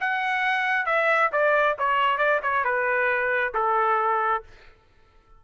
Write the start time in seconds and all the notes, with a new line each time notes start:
0.00 F#5
0.85 E5
1.32 D5
1.78 C#5
2.18 D5
2.42 C#5
2.64 B4
3.54 A4